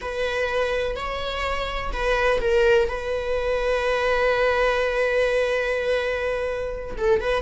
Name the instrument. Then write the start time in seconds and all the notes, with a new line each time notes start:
viola
0.01 B4
0.95 C#5
1.92 B4
2.40 A#4
2.88 B4
6.97 A4
7.20 B4